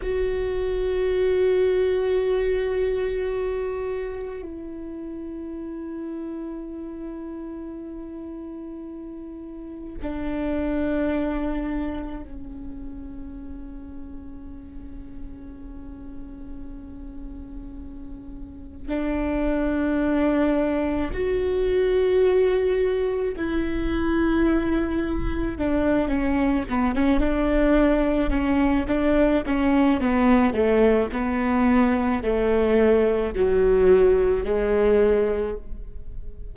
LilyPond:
\new Staff \with { instrumentName = "viola" } { \time 4/4 \tempo 4 = 54 fis'1 | e'1~ | e'4 d'2 cis'4~ | cis'1~ |
cis'4 d'2 fis'4~ | fis'4 e'2 d'8 cis'8 | b16 cis'16 d'4 cis'8 d'8 cis'8 b8 a8 | b4 a4 fis4 gis4 | }